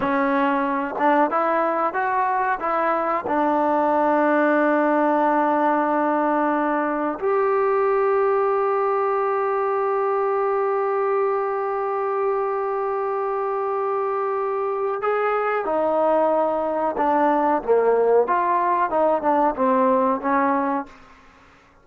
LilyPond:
\new Staff \with { instrumentName = "trombone" } { \time 4/4 \tempo 4 = 92 cis'4. d'8 e'4 fis'4 | e'4 d'2.~ | d'2. g'4~ | g'1~ |
g'1~ | g'2. gis'4 | dis'2 d'4 ais4 | f'4 dis'8 d'8 c'4 cis'4 | }